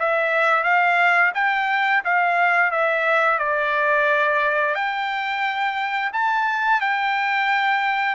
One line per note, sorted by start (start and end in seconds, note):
0.00 0.64 E5
0.64 1.32 F5
1.35 2.03 G5
2.05 2.71 F5
2.71 3.39 E5
3.39 4.75 D5
4.75 6.12 G5
6.13 6.81 A5
6.81 8.15 G5